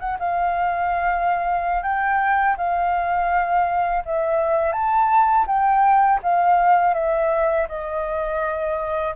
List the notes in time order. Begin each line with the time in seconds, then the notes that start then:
0.00 F#5
0.20 F5
1.84 G5
2.58 F5
4.06 E5
4.73 A5
5.47 G5
6.23 F5
6.94 E5
7.69 D#5